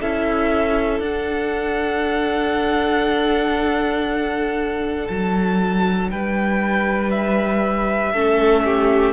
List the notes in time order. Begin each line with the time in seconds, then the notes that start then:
0.00 C#4 E4 A4 E5
1.00 D4 F#5
5.08 F#3 A5
6.11 G3 B4 G5
7.11 E5
8.12 A3 C#4 A4
8.65 G4